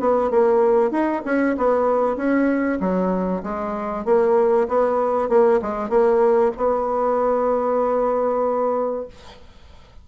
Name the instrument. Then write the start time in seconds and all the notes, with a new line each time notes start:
bassoon
0.00 B3
0.31 A#3
0.91 D#4
1.25 C#4
1.58 B3
2.17 C#4
2.81 F#3
3.43 G#3
4.05 A#3
4.68 B3
5.29 A#3
5.62 G#3
5.90 A#3
6.57 B3